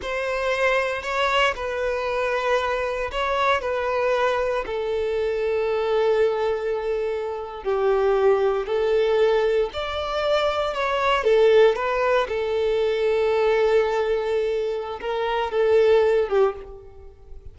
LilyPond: \new Staff \with { instrumentName = "violin" } { \time 4/4 \tempo 4 = 116 c''2 cis''4 b'4~ | b'2 cis''4 b'4~ | b'4 a'2.~ | a'2~ a'8. g'4~ g'16~ |
g'8. a'2 d''4~ d''16~ | d''8. cis''4 a'4 b'4 a'16~ | a'1~ | a'4 ais'4 a'4. g'8 | }